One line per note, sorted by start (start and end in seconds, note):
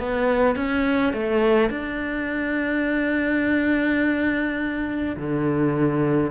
0.00 0.56 B3
0.56 1.13 C#4
1.13 1.70 A3
1.70 5.17 D4
5.17 6.31 D3